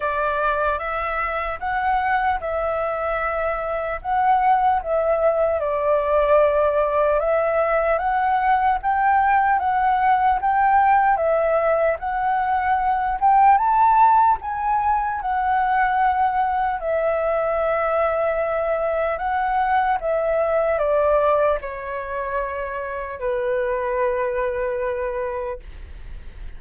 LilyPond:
\new Staff \with { instrumentName = "flute" } { \time 4/4 \tempo 4 = 75 d''4 e''4 fis''4 e''4~ | e''4 fis''4 e''4 d''4~ | d''4 e''4 fis''4 g''4 | fis''4 g''4 e''4 fis''4~ |
fis''8 g''8 a''4 gis''4 fis''4~ | fis''4 e''2. | fis''4 e''4 d''4 cis''4~ | cis''4 b'2. | }